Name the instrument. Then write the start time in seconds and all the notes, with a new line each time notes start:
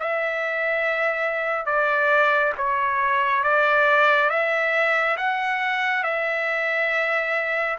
trumpet
0.00 E5
1.66 D5
2.58 C#5
3.43 D5
4.30 E5
5.17 F#5
6.04 E5